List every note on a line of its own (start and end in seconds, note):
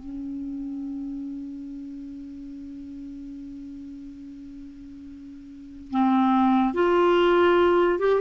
0.00 5.91 C#4
5.91 6.74 C4
6.74 7.99 F4
7.99 8.20 G4